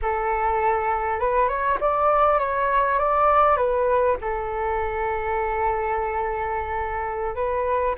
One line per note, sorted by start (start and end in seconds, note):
0.02 1.19 A4
1.19 1.48 B4
1.48 1.78 C#5
1.80 2.39 D5
2.39 2.98 C#5
2.98 3.56 D5
3.56 4.16 B4
4.21 7.35 A4
7.35 7.95 B4